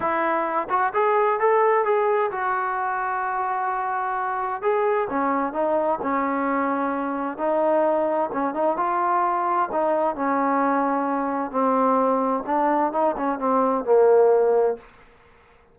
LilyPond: \new Staff \with { instrumentName = "trombone" } { \time 4/4 \tempo 4 = 130 e'4. fis'8 gis'4 a'4 | gis'4 fis'2.~ | fis'2 gis'4 cis'4 | dis'4 cis'2. |
dis'2 cis'8 dis'8 f'4~ | f'4 dis'4 cis'2~ | cis'4 c'2 d'4 | dis'8 cis'8 c'4 ais2 | }